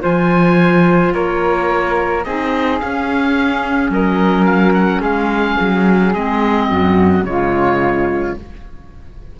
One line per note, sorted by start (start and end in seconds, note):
0.00 1.14 F3
0.00 2.22 F4
0.00 1.13 C5
0.00 1.13 G#5
1.13 2.25 A#3
1.13 2.25 A#4
1.13 2.24 C#5
2.24 2.81 C4
2.24 2.80 D#4
2.24 3.92 G#4
2.24 2.80 D#5
2.80 6.14 C#4
2.80 3.89 C#4
2.80 3.91 F5
3.89 5.00 F#3
3.89 5.01 A#4
3.89 4.45 D#5
4.45 4.73 F5
4.74 5.01 F#5
5.00 5.56 G#3
5.00 6.67 G#4
5.00 6.13 F5
5.60 6.14 F#3
6.13 6.70 G#3
6.13 7.24 C4
6.13 7.25 D#5
6.69 7.23 F#2
6.69 7.24 F#4
7.23 8.34 C#3
7.23 8.35 G#3
7.23 8.39 F4
7.23 8.36 C#5